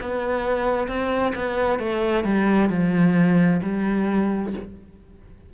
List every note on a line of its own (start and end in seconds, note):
0.00 0.87 B3
0.87 1.33 C4
1.34 1.79 B3
1.79 2.24 A3
2.24 2.69 G3
2.69 3.60 F3
3.62 4.53 G3